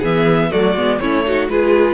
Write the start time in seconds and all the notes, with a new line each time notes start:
0.00 E3 B3 G#4 E5
0.51 F#3 A3 F#4 D5
0.76 G#3 B3
0.99 A3 C#4 E4 C#5
1.26 D#4 F#4
1.49 G#3 F4 G#4 B4